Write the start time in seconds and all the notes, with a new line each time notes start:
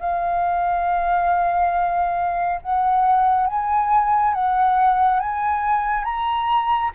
0.00 F5
2.62 F#5
3.47 G#5
4.34 F#5
5.20 G#5
6.04 A#5